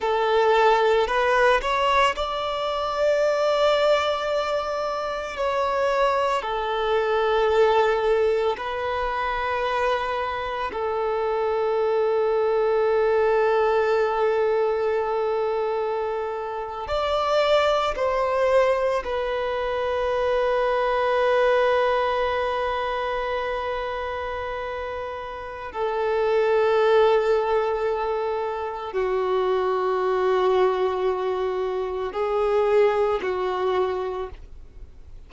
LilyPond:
\new Staff \with { instrumentName = "violin" } { \time 4/4 \tempo 4 = 56 a'4 b'8 cis''8 d''2~ | d''4 cis''4 a'2 | b'2 a'2~ | a'2.~ a'8. d''16~ |
d''8. c''4 b'2~ b'16~ | b'1 | a'2. fis'4~ | fis'2 gis'4 fis'4 | }